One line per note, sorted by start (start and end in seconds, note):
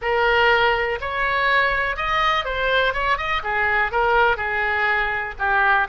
0.01 0.99 A#4
1.00 1.96 C#5
1.96 2.44 D#5
2.44 2.93 C5
2.93 3.17 C#5
3.17 3.41 D#5
3.43 3.91 G#4
3.91 4.37 A#4
4.37 5.34 G#4
5.39 5.87 G4